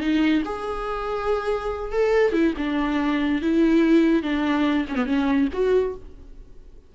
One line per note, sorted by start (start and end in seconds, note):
0.00 0.42 D#4
0.45 1.92 G#4
1.92 2.32 A4
2.32 2.54 E4
2.57 3.41 D4
3.41 4.22 E4
4.22 4.85 D4
4.88 4.95 C#4
4.95 5.06 B3
5.06 5.48 C#4
5.52 5.95 F#4